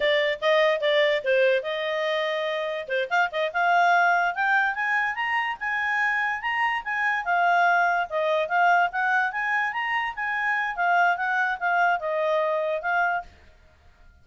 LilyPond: \new Staff \with { instrumentName = "clarinet" } { \time 4/4 \tempo 4 = 145 d''4 dis''4 d''4 c''4 | dis''2. c''8 f''8 | dis''8 f''2 g''4 gis''8~ | gis''8 ais''4 gis''2 ais''8~ |
ais''8 gis''4 f''2 dis''8~ | dis''8 f''4 fis''4 gis''4 ais''8~ | ais''8 gis''4. f''4 fis''4 | f''4 dis''2 f''4 | }